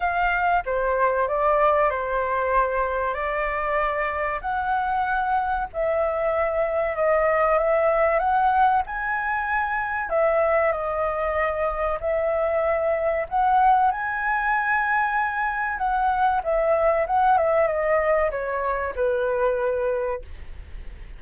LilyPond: \new Staff \with { instrumentName = "flute" } { \time 4/4 \tempo 4 = 95 f''4 c''4 d''4 c''4~ | c''4 d''2 fis''4~ | fis''4 e''2 dis''4 | e''4 fis''4 gis''2 |
e''4 dis''2 e''4~ | e''4 fis''4 gis''2~ | gis''4 fis''4 e''4 fis''8 e''8 | dis''4 cis''4 b'2 | }